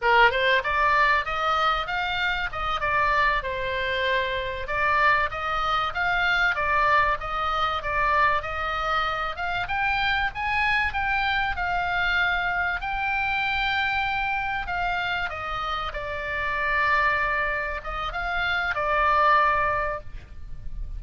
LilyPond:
\new Staff \with { instrumentName = "oboe" } { \time 4/4 \tempo 4 = 96 ais'8 c''8 d''4 dis''4 f''4 | dis''8 d''4 c''2 d''8~ | d''8 dis''4 f''4 d''4 dis''8~ | dis''8 d''4 dis''4. f''8 g''8~ |
g''8 gis''4 g''4 f''4.~ | f''8 g''2. f''8~ | f''8 dis''4 d''2~ d''8~ | d''8 dis''8 f''4 d''2 | }